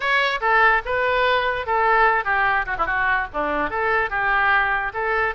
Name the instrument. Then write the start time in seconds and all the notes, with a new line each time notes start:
oboe
0.00 C#5
0.40 A4
0.85 B4
1.66 A4
2.24 G4
2.65 F#4
2.78 E4
2.86 F#4
3.33 D4
3.70 A4
4.10 G4
4.93 A4